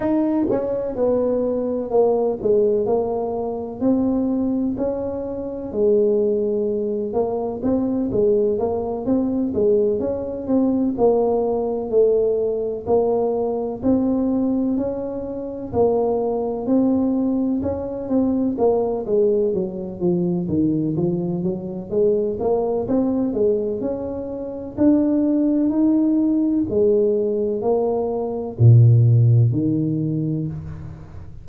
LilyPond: \new Staff \with { instrumentName = "tuba" } { \time 4/4 \tempo 4 = 63 dis'8 cis'8 b4 ais8 gis8 ais4 | c'4 cis'4 gis4. ais8 | c'8 gis8 ais8 c'8 gis8 cis'8 c'8 ais8~ | ais8 a4 ais4 c'4 cis'8~ |
cis'8 ais4 c'4 cis'8 c'8 ais8 | gis8 fis8 f8 dis8 f8 fis8 gis8 ais8 | c'8 gis8 cis'4 d'4 dis'4 | gis4 ais4 ais,4 dis4 | }